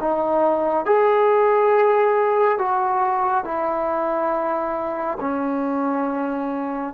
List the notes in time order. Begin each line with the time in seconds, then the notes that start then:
0.00 D#4
0.86 G#4
2.58 F#4
3.44 E4
5.20 C#4